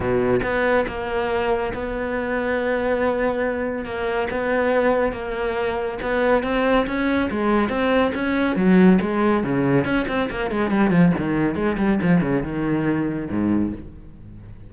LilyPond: \new Staff \with { instrumentName = "cello" } { \time 4/4 \tempo 4 = 140 b,4 b4 ais2 | b1~ | b4 ais4 b2 | ais2 b4 c'4 |
cis'4 gis4 c'4 cis'4 | fis4 gis4 cis4 cis'8 c'8 | ais8 gis8 g8 f8 dis4 gis8 g8 | f8 cis8 dis2 gis,4 | }